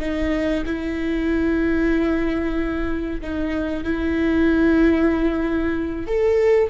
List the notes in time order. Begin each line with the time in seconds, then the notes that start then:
0.00 D#4
0.66 E4
3.22 D#4
3.84 E4
6.08 A4